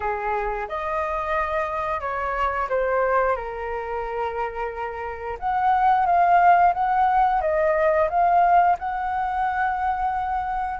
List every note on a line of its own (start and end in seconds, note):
0.00 0.67 G#4
0.68 2.00 D#5
2.00 2.68 C#5
2.69 3.36 C5
3.36 5.38 A#4
5.39 6.06 F#5
6.06 6.73 F5
6.73 7.41 F#5
7.41 8.08 D#5
8.09 8.77 F5
8.78 10.79 F#5